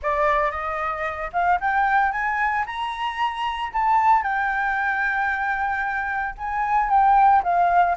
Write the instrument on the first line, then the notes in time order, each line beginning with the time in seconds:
flute
0.02 D5
0.51 D#5
1.33 F5
1.60 G5
2.11 G#5
2.66 A#5
3.73 A5
4.23 G5
6.37 G#5
6.89 G5
7.43 F5